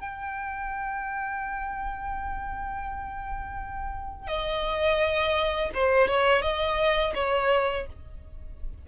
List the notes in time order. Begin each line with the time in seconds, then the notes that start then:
0.00 G5
4.28 D#5
5.75 C5
6.08 C#5
6.42 D#5
7.15 C#5